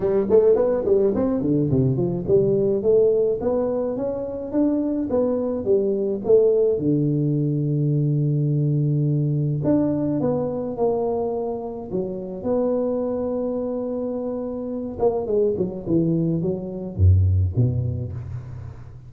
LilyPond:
\new Staff \with { instrumentName = "tuba" } { \time 4/4 \tempo 4 = 106 g8 a8 b8 g8 c'8 d8 c8 f8 | g4 a4 b4 cis'4 | d'4 b4 g4 a4 | d1~ |
d4 d'4 b4 ais4~ | ais4 fis4 b2~ | b2~ b8 ais8 gis8 fis8 | e4 fis4 fis,4 b,4 | }